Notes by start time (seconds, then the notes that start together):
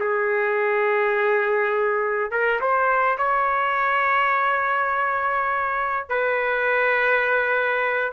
0.00 G#4
2.31 A#4
2.61 C5
3.18 C#5
6.09 B4